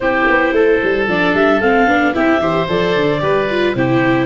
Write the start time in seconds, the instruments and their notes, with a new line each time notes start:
0.00 tuba C4, viola E4, oboe G4, clarinet C5
0.28 tuba B3
0.52 tuba A3, oboe A4
0.83 tuba G3
1.07 tuba F3, viola D4, clarinet D5
1.34 tuba G3, clarinet E5
1.60 tuba A3, viola C4, clarinet F5
1.87 tuba B3, viola D4
2.13 tuba C4, viola E4, oboe G4, clarinet E5
2.38 tuba E3, viola G4, oboe C5
2.68 tuba F3, viola A4, clarinet D5
2.96 tuba D3
3.19 tuba G3, viola G4, oboe B4
3.50 viola F4
3.74 tuba C3, viola E4, oboe G4, clarinet C5